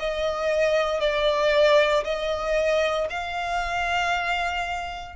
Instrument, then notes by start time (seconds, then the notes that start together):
violin
0.00 D#5
1.01 D5
2.05 D#5
3.10 F5